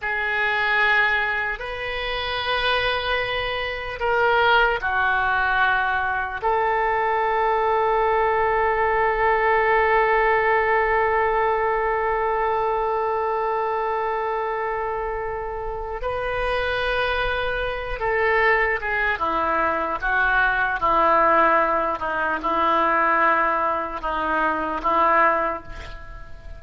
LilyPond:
\new Staff \with { instrumentName = "oboe" } { \time 4/4 \tempo 4 = 75 gis'2 b'2~ | b'4 ais'4 fis'2 | a'1~ | a'1~ |
a'1 | b'2~ b'8 a'4 gis'8 | e'4 fis'4 e'4. dis'8 | e'2 dis'4 e'4 | }